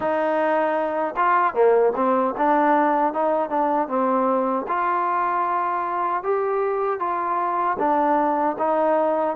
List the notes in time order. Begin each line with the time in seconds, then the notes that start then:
0.00 D#4
1.16 F4
1.54 A#3
1.95 C4
2.37 D4
3.13 D#4
3.49 D4
3.87 C4
4.68 F4
6.23 G4
6.99 F4
7.78 D4
8.58 D#4